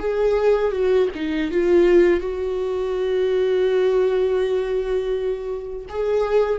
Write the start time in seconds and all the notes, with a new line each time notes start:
0.00 G#4
0.72 F#4
1.15 D#4
1.52 F4
2.21 F#4
5.90 G#4